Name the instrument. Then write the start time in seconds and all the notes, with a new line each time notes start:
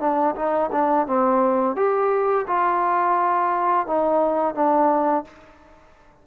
trombone
0.00 D4
0.36 D#4
0.72 D4
1.07 C4
1.76 G4
2.48 F4
3.87 D#4
4.55 D4